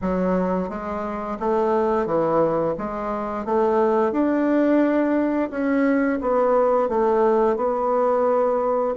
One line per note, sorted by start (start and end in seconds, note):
0.01 0.69 F#3
0.69 1.38 G#3
1.39 2.06 A3
2.06 2.75 E3
2.77 3.45 G#3
3.45 4.12 A3
4.12 5.50 D4
5.50 6.19 C#4
6.21 6.88 B3
6.88 7.56 A3
7.56 8.94 B3